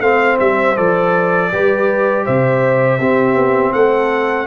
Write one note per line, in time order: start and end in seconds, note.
0.00 0.37 A3
0.00 0.76 C4
0.00 1.51 C5
0.00 0.37 F5
0.40 0.77 G3
0.40 0.77 E5
0.77 1.53 F3
0.77 1.51 A4
0.77 2.25 D5
1.52 2.27 G3
1.52 3.00 G4
1.52 2.25 B4
2.25 3.00 C3
2.25 2.99 C5
2.25 3.74 E5
2.99 3.35 C4
2.99 4.47 C4
2.99 3.73 G4
3.35 3.72 B3
3.74 4.47 A3
3.74 4.47 A4
3.74 4.47 F#5